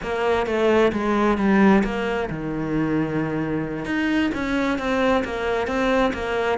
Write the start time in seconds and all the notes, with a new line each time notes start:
0.02 A#3
0.46 A3
0.92 G#3
1.37 G3
1.83 A#3
2.30 D#3
3.85 D#4
4.34 C#4
4.78 C4
5.24 A#3
5.67 C4
6.13 A#3